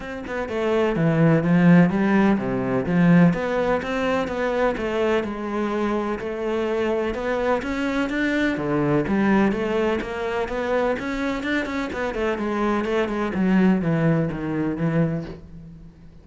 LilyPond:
\new Staff \with { instrumentName = "cello" } { \time 4/4 \tempo 4 = 126 c'8 b8 a4 e4 f4 | g4 c4 f4 b4 | c'4 b4 a4 gis4~ | gis4 a2 b4 |
cis'4 d'4 d4 g4 | a4 ais4 b4 cis'4 | d'8 cis'8 b8 a8 gis4 a8 gis8 | fis4 e4 dis4 e4 | }